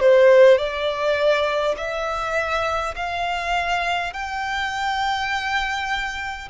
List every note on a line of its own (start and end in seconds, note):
0.00 0.57 C5
0.57 1.75 D5
1.76 2.94 E5
2.95 4.13 F5
4.13 6.48 G5